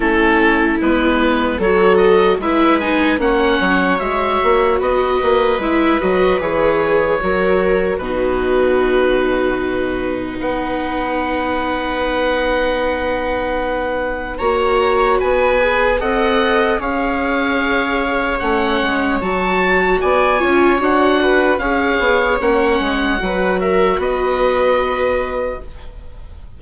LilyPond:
<<
  \new Staff \with { instrumentName = "oboe" } { \time 4/4 \tempo 4 = 75 a'4 b'4 cis''8 dis''8 e''8 gis''8 | fis''4 e''4 dis''4 e''8 dis''8 | cis''2 b'2~ | b'4 fis''2.~ |
fis''2 ais''4 gis''4 | fis''4 f''2 fis''4 | a''4 gis''4 fis''4 f''4 | fis''4. e''8 dis''2 | }
  \new Staff \with { instrumentName = "viola" } { \time 4/4 e'2 a'4 b'4 | cis''2 b'2~ | b'4 ais'4 fis'2~ | fis'4 b'2.~ |
b'2 cis''4 b'4 | dis''4 cis''2.~ | cis''4 d''8 cis''4 b'8 cis''4~ | cis''4 b'8 ais'8 b'2 | }
  \new Staff \with { instrumentName = "viola" } { \time 4/4 cis'4 b4 fis'4 e'8 dis'8 | cis'4 fis'2 e'8 fis'8 | gis'4 fis'4 dis'2~ | dis'1~ |
dis'2 fis'4. gis'8 | a'4 gis'2 cis'4 | fis'4. f'8 fis'4 gis'4 | cis'4 fis'2. | }
  \new Staff \with { instrumentName = "bassoon" } { \time 4/4 a4 gis4 fis4 gis4 | ais8 fis8 gis8 ais8 b8 ais8 gis8 fis8 | e4 fis4 b,2~ | b,4 b2.~ |
b2 ais4 b4 | c'4 cis'2 a8 gis8 | fis4 b8 cis'8 d'4 cis'8 b8 | ais8 gis8 fis4 b2 | }
>>